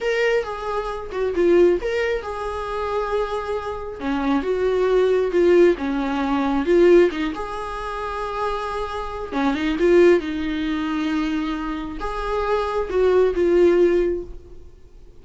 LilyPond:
\new Staff \with { instrumentName = "viola" } { \time 4/4 \tempo 4 = 135 ais'4 gis'4. fis'8 f'4 | ais'4 gis'2.~ | gis'4 cis'4 fis'2 | f'4 cis'2 f'4 |
dis'8 gis'2.~ gis'8~ | gis'4 cis'8 dis'8 f'4 dis'4~ | dis'2. gis'4~ | gis'4 fis'4 f'2 | }